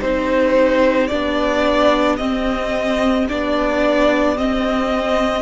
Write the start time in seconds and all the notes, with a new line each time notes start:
0.00 C4 D#4 G4 C5
1.07 B3 D4 D5
2.17 C4 D#5
3.28 B3 D4 D5
4.36 C4 D#5